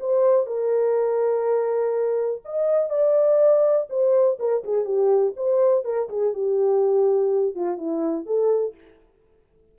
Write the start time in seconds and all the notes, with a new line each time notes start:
0.00 C5
0.47 A#4
2.45 D#5
2.90 D5
3.90 C5
4.39 A#4
4.64 G#4
4.85 G4
5.37 C5
5.84 A#4
6.09 G#4
6.34 G4
7.56 F4
7.78 E4
8.26 A4